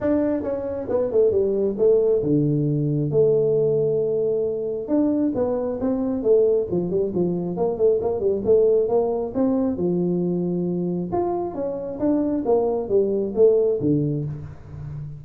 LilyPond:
\new Staff \with { instrumentName = "tuba" } { \time 4/4 \tempo 4 = 135 d'4 cis'4 b8 a8 g4 | a4 d2 a4~ | a2. d'4 | b4 c'4 a4 f8 g8 |
f4 ais8 a8 ais8 g8 a4 | ais4 c'4 f2~ | f4 f'4 cis'4 d'4 | ais4 g4 a4 d4 | }